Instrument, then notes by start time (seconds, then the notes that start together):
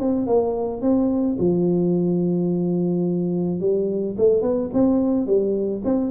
tuba
0.00 C4
0.27 A#3
0.82 C4
1.39 F3
3.61 G3
4.18 A3
4.42 B3
4.74 C4
5.27 G3
5.85 C4